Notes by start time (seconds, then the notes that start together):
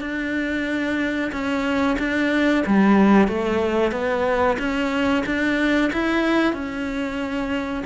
0.00 D4
1.32 C#4
1.98 D4
2.66 G3
3.28 A3
3.91 B3
4.58 C#4
5.25 D4
5.92 E4
6.53 C#4